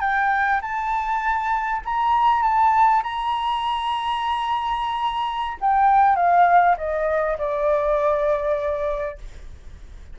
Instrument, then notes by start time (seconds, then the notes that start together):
flute
0.00 G5
0.61 A5
1.85 A#5
2.42 A5
3.03 A#5
5.60 G5
6.16 F5
6.77 D#5
7.38 D5